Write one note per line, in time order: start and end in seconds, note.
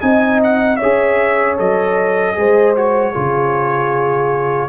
0.00 0.80 C4
0.00 0.78 D#4
0.00 0.78 D#5
0.00 0.40 G#5
0.43 0.76 F#5
0.76 2.33 C#5
0.76 1.54 E5
0.82 1.59 C#4
0.82 1.57 G#4
1.57 2.37 F#3
1.57 2.35 A4
1.57 2.76 D#5
2.35 3.15 G#3
2.35 2.74 G#4
2.35 3.12 C5
2.76 3.13 F#4
2.76 4.69 C#5
3.12 4.69 C#3
3.12 4.69 F4
3.12 4.68 G#4